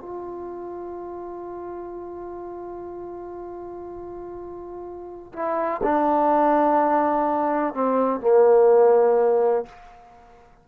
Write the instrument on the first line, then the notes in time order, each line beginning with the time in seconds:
trombone
0.00 F4
5.33 E4
5.83 D4
7.73 C4
8.20 A#3